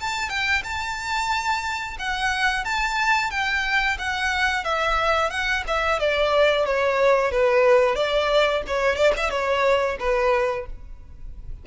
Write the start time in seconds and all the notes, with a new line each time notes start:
0.00 A5
0.29 G5
0.64 A5
1.99 F#5
2.65 A5
3.30 G5
3.98 F#5
4.64 E5
5.30 F#5
5.67 E5
5.99 D5
6.65 C#5
7.31 B4
7.95 D5
8.67 C#5
8.96 D5
9.17 E5
9.30 C#5
9.99 B4